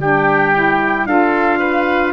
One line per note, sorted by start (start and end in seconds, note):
0.00 1.06 G3
0.00 0.55 D4
0.00 1.08 G4
0.00 1.07 G5
0.55 1.08 E4
1.06 2.13 D4
1.06 2.13 F4
1.06 1.60 A4
1.06 2.13 F5
1.60 2.13 B4